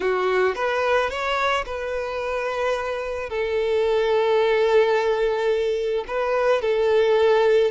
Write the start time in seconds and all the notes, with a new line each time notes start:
0.00 F#4
0.55 B4
1.10 C#5
1.65 B4
3.29 A4
6.07 B4
6.61 A4